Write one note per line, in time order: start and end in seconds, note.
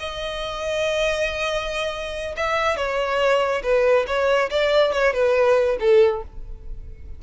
0.00 2.36 D#5
2.37 2.77 E5
2.77 3.63 C#5
3.63 4.06 B4
4.07 4.50 C#5
4.50 4.93 D5
4.93 5.14 C#5
5.14 5.78 B4
5.80 6.23 A4